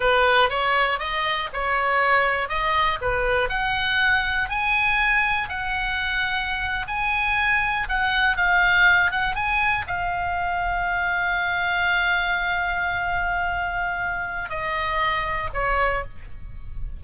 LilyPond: \new Staff \with { instrumentName = "oboe" } { \time 4/4 \tempo 4 = 120 b'4 cis''4 dis''4 cis''4~ | cis''4 dis''4 b'4 fis''4~ | fis''4 gis''2 fis''4~ | fis''4.~ fis''16 gis''2 fis''16~ |
fis''8. f''4. fis''8 gis''4 f''16~ | f''1~ | f''1~ | f''4 dis''2 cis''4 | }